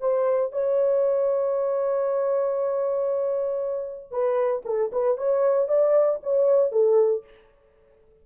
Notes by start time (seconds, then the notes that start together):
0.00 C5
0.52 C#5
4.11 B4
4.65 A4
4.92 B4
5.17 C#5
5.68 D5
6.23 C#5
6.71 A4